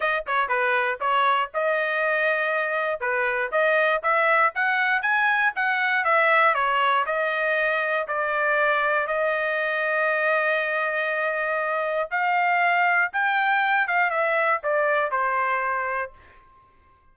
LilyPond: \new Staff \with { instrumentName = "trumpet" } { \time 4/4 \tempo 4 = 119 dis''8 cis''8 b'4 cis''4 dis''4~ | dis''2 b'4 dis''4 | e''4 fis''4 gis''4 fis''4 | e''4 cis''4 dis''2 |
d''2 dis''2~ | dis''1 | f''2 g''4. f''8 | e''4 d''4 c''2 | }